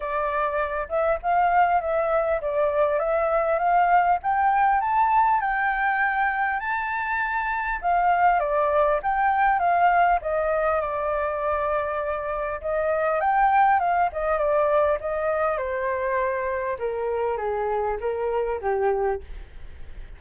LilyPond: \new Staff \with { instrumentName = "flute" } { \time 4/4 \tempo 4 = 100 d''4. e''8 f''4 e''4 | d''4 e''4 f''4 g''4 | a''4 g''2 a''4~ | a''4 f''4 d''4 g''4 |
f''4 dis''4 d''2~ | d''4 dis''4 g''4 f''8 dis''8 | d''4 dis''4 c''2 | ais'4 gis'4 ais'4 g'4 | }